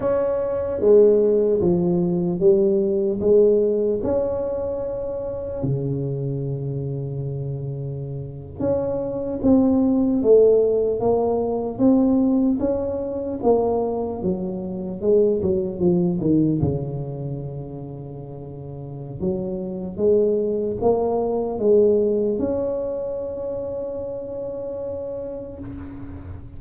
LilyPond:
\new Staff \with { instrumentName = "tuba" } { \time 4/4 \tempo 4 = 75 cis'4 gis4 f4 g4 | gis4 cis'2 cis4~ | cis2~ cis8. cis'4 c'16~ | c'8. a4 ais4 c'4 cis'16~ |
cis'8. ais4 fis4 gis8 fis8 f16~ | f16 dis8 cis2.~ cis16 | fis4 gis4 ais4 gis4 | cis'1 | }